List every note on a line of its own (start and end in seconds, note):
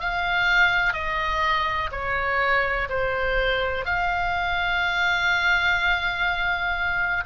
0.00 0.93 F5
0.93 1.90 D#5
1.91 2.88 C#5
2.89 3.85 C5
3.85 7.24 F5